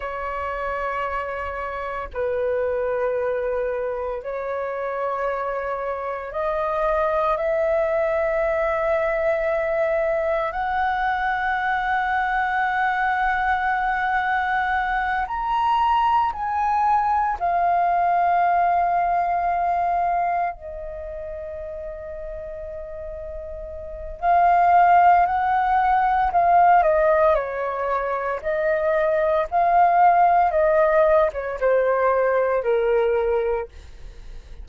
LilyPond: \new Staff \with { instrumentName = "flute" } { \time 4/4 \tempo 4 = 57 cis''2 b'2 | cis''2 dis''4 e''4~ | e''2 fis''2~ | fis''2~ fis''8 ais''4 gis''8~ |
gis''8 f''2. dis''8~ | dis''2. f''4 | fis''4 f''8 dis''8 cis''4 dis''4 | f''4 dis''8. cis''16 c''4 ais'4 | }